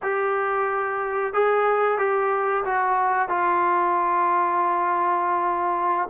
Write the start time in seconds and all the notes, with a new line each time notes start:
0.02 G4
1.33 G#4
1.98 G4
2.65 F#4
3.28 F4